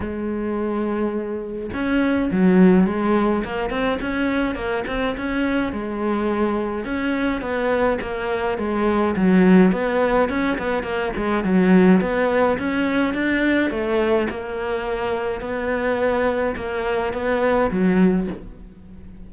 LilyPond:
\new Staff \with { instrumentName = "cello" } { \time 4/4 \tempo 4 = 105 gis2. cis'4 | fis4 gis4 ais8 c'8 cis'4 | ais8 c'8 cis'4 gis2 | cis'4 b4 ais4 gis4 |
fis4 b4 cis'8 b8 ais8 gis8 | fis4 b4 cis'4 d'4 | a4 ais2 b4~ | b4 ais4 b4 fis4 | }